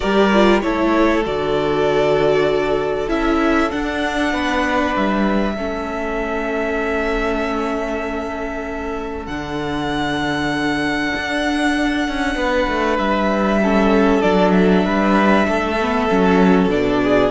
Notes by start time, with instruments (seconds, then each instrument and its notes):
0.00 cello G3, viola G4, violin A#4 D5
0.33 viola F4
0.61 cello A3, viola E4, violin A4 C#5
1.24 cello D3, viola F#4, violin D5
3.08 cello C#4, viola E4, violin E5
3.70 viola D4, cello D4, violin F#5
4.32 cello B3, violin B4
4.95 cello G3, violin E5
5.54 cello A3, viola C#4, violin A4
9.26 cello D3, viola D4, violin F#5
11.15 cello D4
12.07 cello C#4
12.35 cello B3, violin B4
12.68 cello A3
12.98 cello G3, violin E5
13.62 viola C#4, violin A4
14.21 cello F#3, viola D4, violin D5
14.51 violin E5
14.85 cello G3, violin B4
15.47 cello A3, violin A4
15.80 viola B3
16.09 cello F#3, viola C#4
16.68 cello B2, viola D4, violin D5
17.03 violin G#4